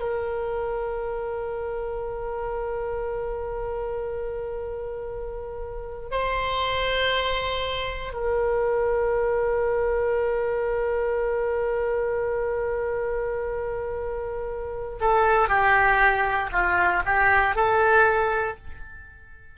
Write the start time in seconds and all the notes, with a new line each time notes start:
0.00 A#4
6.11 C5
8.13 A#4
15.00 A4
15.48 G4
16.52 F4
17.05 G4
17.55 A4